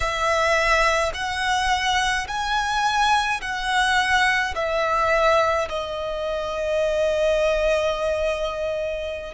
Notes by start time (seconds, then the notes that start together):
0.00 E5
1.14 F#5
2.27 G#5
3.41 F#5
4.55 E5
5.69 D#5